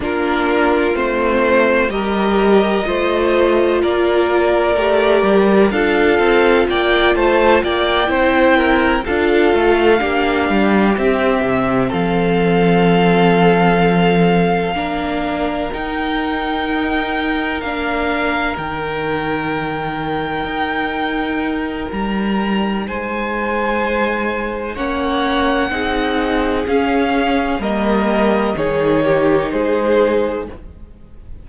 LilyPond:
<<
  \new Staff \with { instrumentName = "violin" } { \time 4/4 \tempo 4 = 63 ais'4 c''4 dis''2 | d''2 f''4 g''8 a''8 | g''4. f''2 e''8~ | e''8 f''2.~ f''8~ |
f''8 g''2 f''4 g''8~ | g''2. ais''4 | gis''2 fis''2 | f''4 dis''4 cis''4 c''4 | }
  \new Staff \with { instrumentName = "violin" } { \time 4/4 f'2 ais'4 c''4 | ais'2 a'4 d''8 c''8 | d''8 c''8 ais'8 a'4 g'4.~ | g'8 a'2. ais'8~ |
ais'1~ | ais'1 | c''2 cis''4 gis'4~ | gis'4 ais'4 gis'8 g'8 gis'4 | }
  \new Staff \with { instrumentName = "viola" } { \time 4/4 d'4 c'4 g'4 f'4~ | f'4 g'4 f'2~ | f'8 e'4 f'4 d'4 c'8~ | c'2.~ c'8 d'8~ |
d'8 dis'2 d'4 dis'8~ | dis'1~ | dis'2 cis'4 dis'4 | cis'4 ais4 dis'2 | }
  \new Staff \with { instrumentName = "cello" } { \time 4/4 ais4 a4 g4 a4 | ais4 a8 g8 d'8 c'8 ais8 a8 | ais8 c'4 d'8 a8 ais8 g8 c'8 | c8 f2. ais8~ |
ais8 dis'2 ais4 dis8~ | dis4. dis'4. g4 | gis2 ais4 c'4 | cis'4 g4 dis4 gis4 | }
>>